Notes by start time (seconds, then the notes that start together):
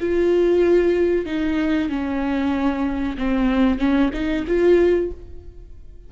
0.00 F4
1.26 D#4
1.89 C#4
3.18 C4
3.79 C#4
4.13 D#4
4.48 F4